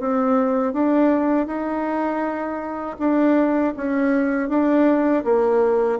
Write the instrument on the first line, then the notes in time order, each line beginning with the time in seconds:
bassoon
0.00 C4
0.73 D4
1.47 D#4
2.99 D4
3.77 C#4
4.49 D4
5.25 A#3